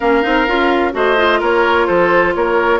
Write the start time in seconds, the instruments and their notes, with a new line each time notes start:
0.00 bassoon A#3, clarinet C#4, oboe A#4, flute F5
0.22 bassoon C4, clarinet D#4
0.47 bassoon C#4, clarinet F4
0.92 bassoon A3, clarinet F#4, oboe C5, flute D#5
1.16 clarinet F4
1.39 bassoon A#3, oboe A#4, flute C#5
1.86 bassoon F3, oboe A4, flute C5
2.34 bassoon A#3, oboe A#4, flute C#5